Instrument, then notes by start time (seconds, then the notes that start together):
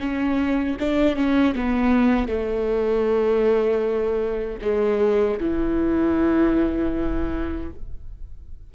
viola
0.00 C#4
0.80 D4
1.16 C#4
1.56 B3
2.28 A3
4.62 G#3
5.41 E3